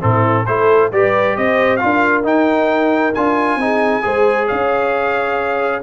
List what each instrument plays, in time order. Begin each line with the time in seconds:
0.00 tuba A2, trombone C4, horn E4, trumpet A4
0.46 tuba A3, trombone E4, horn A4, trumpet C5
0.92 tuba G3, trombone G4, horn B4, trumpet D5
1.37 tuba C4, horn C5, trumpet D#5
1.77 trombone F4, trumpet F5
1.84 tuba D4, horn A#4
2.24 trombone D#4, tuba D#4, trumpet G5
3.15 tuba D4, trombone F4, trumpet G#5
3.56 tuba C4, trombone D#4, horn G#4
4.02 tuba G#3, trombone G#4, horn C5
4.47 tuba C#4, horn C#5, trumpet F5